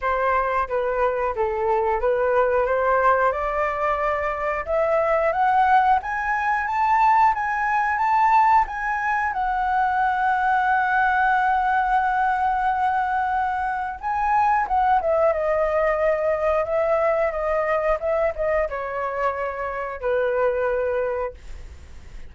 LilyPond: \new Staff \with { instrumentName = "flute" } { \time 4/4 \tempo 4 = 90 c''4 b'4 a'4 b'4 | c''4 d''2 e''4 | fis''4 gis''4 a''4 gis''4 | a''4 gis''4 fis''2~ |
fis''1~ | fis''4 gis''4 fis''8 e''8 dis''4~ | dis''4 e''4 dis''4 e''8 dis''8 | cis''2 b'2 | }